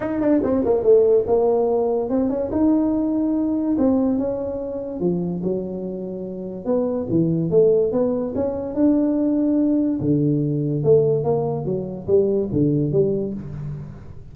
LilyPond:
\new Staff \with { instrumentName = "tuba" } { \time 4/4 \tempo 4 = 144 dis'8 d'8 c'8 ais8 a4 ais4~ | ais4 c'8 cis'8 dis'2~ | dis'4 c'4 cis'2 | f4 fis2. |
b4 e4 a4 b4 | cis'4 d'2. | d2 a4 ais4 | fis4 g4 d4 g4 | }